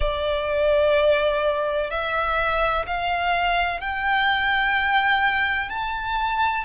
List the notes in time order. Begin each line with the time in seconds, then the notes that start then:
0.00 D5
1.90 E5
2.86 F5
3.80 G5
5.69 A5